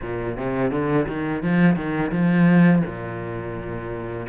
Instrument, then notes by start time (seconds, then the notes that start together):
cello
0.02 A#2
0.37 C3
0.71 D3
1.07 D#3
1.42 F3
1.76 D#3
2.11 F3
2.86 A#2